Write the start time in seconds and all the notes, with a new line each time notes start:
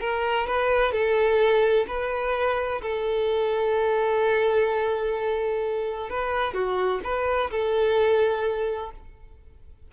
0.00 A#4
0.47 B4
0.92 A4
1.87 B4
2.82 A4
6.10 B4
6.53 F#4
7.04 B4
7.50 A4